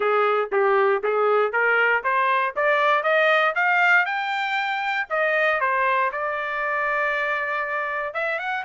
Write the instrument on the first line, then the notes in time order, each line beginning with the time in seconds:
trumpet
0.00 G#4
0.52 G4
1.03 G#4
1.52 A#4
2.03 C5
2.55 D5
3.03 D#5
3.55 F5
4.05 G5
5.09 D#5
5.60 C5
6.12 D5
8.14 E5
8.38 F#5